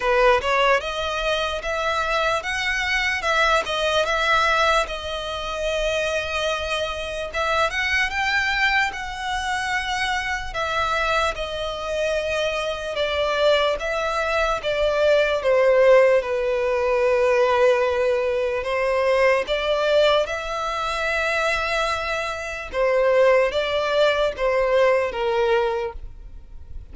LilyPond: \new Staff \with { instrumentName = "violin" } { \time 4/4 \tempo 4 = 74 b'8 cis''8 dis''4 e''4 fis''4 | e''8 dis''8 e''4 dis''2~ | dis''4 e''8 fis''8 g''4 fis''4~ | fis''4 e''4 dis''2 |
d''4 e''4 d''4 c''4 | b'2. c''4 | d''4 e''2. | c''4 d''4 c''4 ais'4 | }